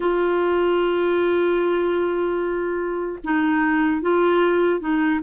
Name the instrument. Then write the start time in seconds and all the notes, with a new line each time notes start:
clarinet
0.00 F4
3.24 D#4
4.01 F4
4.80 D#4